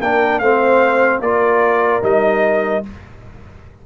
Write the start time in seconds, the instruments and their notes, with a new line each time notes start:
0.00 tuba A#3, trombone D4, horn A#4, trumpet G5
0.39 tuba A3, trombone C4, horn C5, trumpet F5
1.20 tuba A#3, trombone F4, horn A#4, trumpet D5
2.02 tuba G3, trombone D#4, trumpet D#5